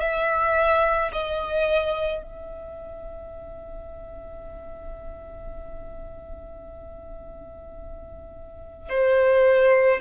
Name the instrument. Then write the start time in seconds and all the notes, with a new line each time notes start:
violin
0.00 E5
1.12 D#5
2.22 E5
8.89 C5